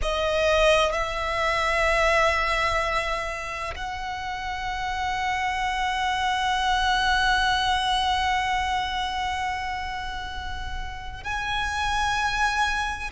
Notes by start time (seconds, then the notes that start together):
0.02 D#5
0.92 E5
3.75 F#5
11.23 G#5